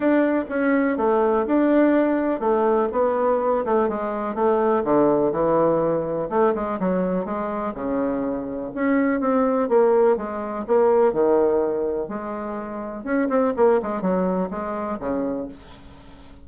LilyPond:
\new Staff \with { instrumentName = "bassoon" } { \time 4/4 \tempo 4 = 124 d'4 cis'4 a4 d'4~ | d'4 a4 b4. a8 | gis4 a4 d4 e4~ | e4 a8 gis8 fis4 gis4 |
cis2 cis'4 c'4 | ais4 gis4 ais4 dis4~ | dis4 gis2 cis'8 c'8 | ais8 gis8 fis4 gis4 cis4 | }